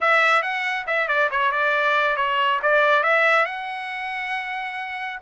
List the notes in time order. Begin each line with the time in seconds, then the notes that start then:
0.01 E5
0.42 F#5
0.86 E5
1.08 D5
1.30 C#5
1.51 D5
2.16 C#5
2.62 D5
3.03 E5
3.45 F#5